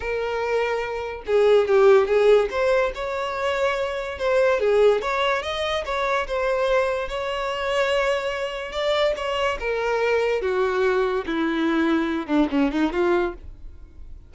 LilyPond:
\new Staff \with { instrumentName = "violin" } { \time 4/4 \tempo 4 = 144 ais'2. gis'4 | g'4 gis'4 c''4 cis''4~ | cis''2 c''4 gis'4 | cis''4 dis''4 cis''4 c''4~ |
c''4 cis''2.~ | cis''4 d''4 cis''4 ais'4~ | ais'4 fis'2 e'4~ | e'4. d'8 cis'8 dis'8 f'4 | }